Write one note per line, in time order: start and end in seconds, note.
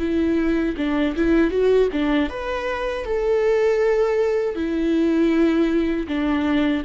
0.00 0.76 E4
0.78 1.16 D4
1.16 1.52 E4
1.52 1.90 F#4
1.93 2.30 D4
2.30 3.05 B4
3.05 4.56 A4
4.56 6.08 E4
6.08 6.84 D4